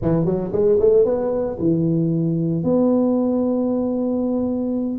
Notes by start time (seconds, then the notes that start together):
0.01 E3
0.25 F#3
0.52 G#3
0.79 A3
1.05 B3
1.59 E3
2.63 B3